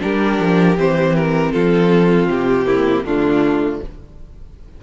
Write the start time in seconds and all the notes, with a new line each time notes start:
0.00 G3 D4 G4 A#4
0.40 F3
0.77 E3 C4 C5
1.16 A#4
1.53 F3 F4 A4
2.29 C3 G4
2.66 A#3 E4
3.04 D3 A3 D4 F4